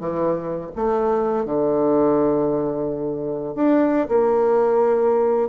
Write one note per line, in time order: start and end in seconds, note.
0.00 0.71 E3
0.75 1.45 A3
1.45 3.55 D3
3.55 4.08 D4
4.08 5.48 A#3